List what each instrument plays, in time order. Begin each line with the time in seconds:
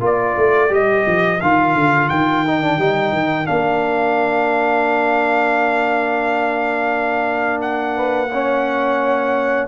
0.00 tuba A#3, trombone F4, horn A#4, trumpet D5
0.37 tuba A3
0.69 tuba G3, trombone G4, trumpet D#5
1.07 tuba F3
1.41 tuba D#3, trombone F4, trumpet F5
1.75 tuba D3
2.09 tuba D#3, trumpet G5
2.46 trombone D#4
2.62 trombone D4
2.78 tuba G3, trombone D#4
3.12 tuba D#3
3.45 tuba A#3, trombone D4, trumpet F5
7.61 trumpet F#5
7.96 horn B4
8.32 trombone C#4, horn C#5